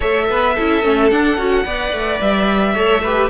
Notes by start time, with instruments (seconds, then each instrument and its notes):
0.00 cello A3, viola A4, violin C#5 E5
0.29 cello B3, violin B4
0.55 cello C#4, viola E4, violin A4
0.82 cello A3, viola C#4
1.10 viola D4, cello D4, violin F#5
1.37 cello C#4, viola F#4
1.64 cello B3, viola B4, violin D5
1.92 cello A3
2.20 cello G3, violin E5
2.74 cello A3, viola A4, violin C#5
3.03 viola G4, violin B4